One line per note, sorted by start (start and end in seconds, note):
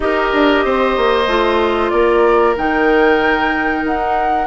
0.00 0.31 D#4
0.00 1.25 G4
0.00 0.64 A#4
0.00 1.90 D#5
0.32 0.64 D4
0.64 0.96 C4
0.64 1.92 C5
0.97 1.27 A#3
1.27 1.91 A3
1.27 2.55 F4
1.90 2.55 A#3
1.90 4.46 A#4
1.90 2.54 D5
2.55 3.84 D#3
2.55 4.46 D#4
2.55 3.85 G5
3.84 4.46 D#4
3.84 4.46 F#5